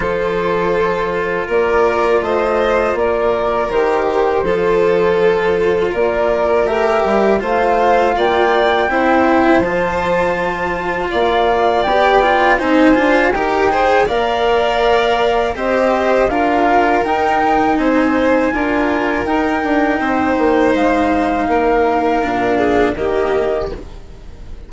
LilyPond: <<
  \new Staff \with { instrumentName = "flute" } { \time 4/4 \tempo 4 = 81 c''2 d''4 dis''4 | d''4 c''2. | d''4 e''4 f''4 g''4~ | g''4 a''2 f''4 |
g''4 gis''4 g''4 f''4~ | f''4 dis''4 f''4 g''4 | gis''2 g''2 | f''2. dis''4 | }
  \new Staff \with { instrumentName = "violin" } { \time 4/4 a'2 ais'4 c''4 | ais'2 a'2 | ais'2 c''4 d''4 | c''2. d''4~ |
d''4 c''4 ais'8 c''8 d''4~ | d''4 c''4 ais'2 | c''4 ais'2 c''4~ | c''4 ais'4. gis'8 g'4 | }
  \new Staff \with { instrumentName = "cello" } { \time 4/4 f'1~ | f'4 g'4 f'2~ | f'4 g'4 f'2 | e'4 f'2. |
g'8 f'8 dis'8 f'8 g'8 gis'8 ais'4~ | ais'4 g'4 f'4 dis'4~ | dis'4 f'4 dis'2~ | dis'2 d'4 ais4 | }
  \new Staff \with { instrumentName = "bassoon" } { \time 4/4 f2 ais4 a4 | ais4 dis4 f2 | ais4 a8 g8 a4 ais4 | c'4 f2 ais4 |
b4 c'8 d'8 dis'4 ais4~ | ais4 c'4 d'4 dis'4 | c'4 d'4 dis'8 d'8 c'8 ais8 | gis4 ais4 ais,4 dis4 | }
>>